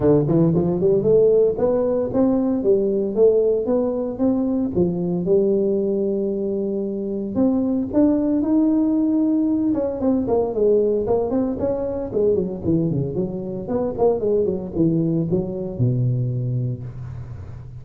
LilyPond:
\new Staff \with { instrumentName = "tuba" } { \time 4/4 \tempo 4 = 114 d8 e8 f8 g8 a4 b4 | c'4 g4 a4 b4 | c'4 f4 g2~ | g2 c'4 d'4 |
dis'2~ dis'8 cis'8 c'8 ais8 | gis4 ais8 c'8 cis'4 gis8 fis8 | e8 cis8 fis4 b8 ais8 gis8 fis8 | e4 fis4 b,2 | }